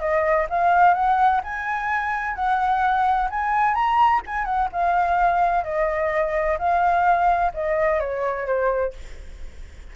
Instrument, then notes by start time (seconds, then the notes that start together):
flute
0.00 D#5
0.50 F5
0.94 F#5
1.44 G#5
2.35 F#5
3.30 G#5
3.75 A#5
4.27 G#5
4.45 F#5
4.73 F5
5.64 D#5
6.59 F5
7.54 D#5
8.00 C#5
8.47 C5